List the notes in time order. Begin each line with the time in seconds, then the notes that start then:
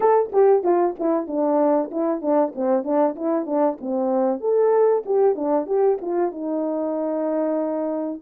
0.00 A4
0.32 G4
0.63 F4
0.99 E4
1.27 D4
1.91 E4
2.21 D4
2.55 C4
2.83 D4
3.15 E4
3.46 D4
3.80 C4
4.40 A4
5.05 G4
5.35 D4
5.66 G4
6.01 F4
6.31 D#4